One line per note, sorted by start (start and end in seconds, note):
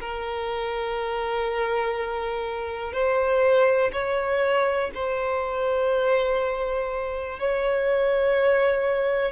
0.00 2.92 A#4
2.92 3.91 C5
3.92 4.90 C#5
4.94 7.39 C5
7.39 9.31 C#5